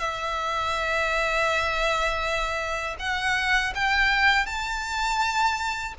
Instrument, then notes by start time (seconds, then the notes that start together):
violin
0.00 E5
3.00 F#5
3.75 G5
4.46 A5